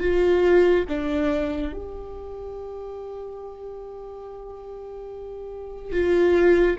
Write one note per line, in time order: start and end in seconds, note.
0.00 0.85 F4
0.89 1.74 D4
1.74 5.92 G4
5.92 6.76 F4